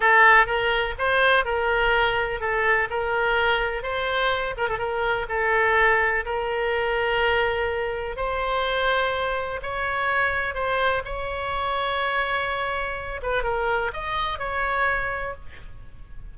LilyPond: \new Staff \with { instrumentName = "oboe" } { \time 4/4 \tempo 4 = 125 a'4 ais'4 c''4 ais'4~ | ais'4 a'4 ais'2 | c''4. ais'16 a'16 ais'4 a'4~ | a'4 ais'2.~ |
ais'4 c''2. | cis''2 c''4 cis''4~ | cis''2.~ cis''8 b'8 | ais'4 dis''4 cis''2 | }